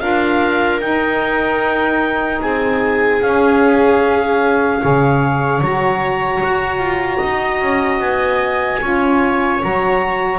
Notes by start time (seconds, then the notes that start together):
0.00 D4 F4 A#4 F5
0.81 D#4 G5
2.42 C4 G#4 G#5
3.21 C#4 F5
4.81 C#3 G#4 C#5
5.61 F#3 F#4 A#5
6.43 F#4
6.78 F4
7.18 D#4 D#5
7.62 C#4
8.00 B3 G#5
8.82 C#4 F4 C#5
9.60 F#3 F#4 A#5